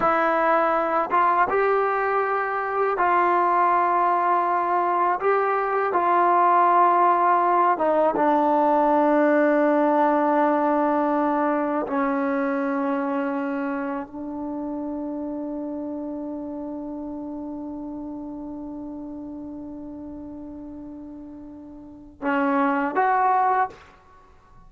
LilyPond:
\new Staff \with { instrumentName = "trombone" } { \time 4/4 \tempo 4 = 81 e'4. f'8 g'2 | f'2. g'4 | f'2~ f'8 dis'8 d'4~ | d'1 |
cis'2. d'4~ | d'1~ | d'1~ | d'2 cis'4 fis'4 | }